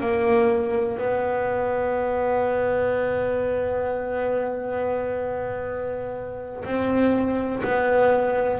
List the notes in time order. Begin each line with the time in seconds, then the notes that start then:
0.00 A#3
0.98 B3
6.64 C4
7.63 B3